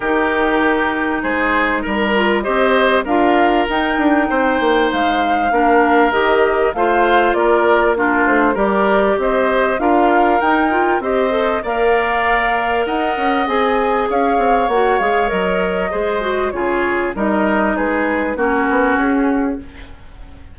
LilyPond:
<<
  \new Staff \with { instrumentName = "flute" } { \time 4/4 \tempo 4 = 98 ais'2 c''4 ais'4 | dis''4 f''4 g''2 | f''2 dis''4 f''4 | d''4 ais'8 c''8 d''4 dis''4 |
f''4 g''4 dis''4 f''4~ | f''4 fis''4 gis''4 f''4 | fis''8 f''8 dis''2 cis''4 | dis''4 b'4 ais'4 gis'4 | }
  \new Staff \with { instrumentName = "oboe" } { \time 4/4 g'2 gis'4 ais'4 | c''4 ais'2 c''4~ | c''4 ais'2 c''4 | ais'4 f'4 ais'4 c''4 |
ais'2 c''4 d''4~ | d''4 dis''2 cis''4~ | cis''2 c''4 gis'4 | ais'4 gis'4 fis'2 | }
  \new Staff \with { instrumentName = "clarinet" } { \time 4/4 dis'2.~ dis'8 f'8 | g'4 f'4 dis'2~ | dis'4 d'4 g'4 f'4~ | f'4 d'4 g'2 |
f'4 dis'8 f'8 g'8 a'8 ais'4~ | ais'2 gis'2 | fis'8 gis'8 ais'4 gis'8 fis'8 f'4 | dis'2 cis'2 | }
  \new Staff \with { instrumentName = "bassoon" } { \time 4/4 dis2 gis4 g4 | c'4 d'4 dis'8 d'8 c'8 ais8 | gis4 ais4 dis4 a4 | ais4. a8 g4 c'4 |
d'4 dis'4 c'4 ais4~ | ais4 dis'8 cis'8 c'4 cis'8 c'8 | ais8 gis8 fis4 gis4 cis4 | g4 gis4 ais8 b8 cis'4 | }
>>